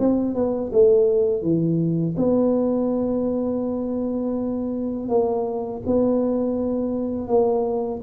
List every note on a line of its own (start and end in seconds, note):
0.00 0.35 C4
0.35 0.72 B3
0.73 1.42 A3
1.42 2.16 E3
2.18 5.09 B3
5.09 5.82 A#3
5.86 7.28 B3
7.28 8.01 A#3